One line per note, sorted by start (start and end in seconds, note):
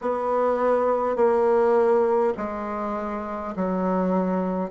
0.01 1.16 B3
1.16 2.33 A#3
2.37 3.55 G#3
3.56 4.70 F#3